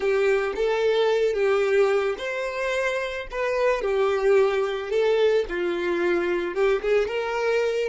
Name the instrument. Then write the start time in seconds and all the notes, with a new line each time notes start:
violin
0.00 G4
0.55 A4
1.33 G4
2.18 C5
3.31 B4
3.81 G4
4.90 A4
5.48 F4
6.54 G4
6.82 G#4
7.07 A#4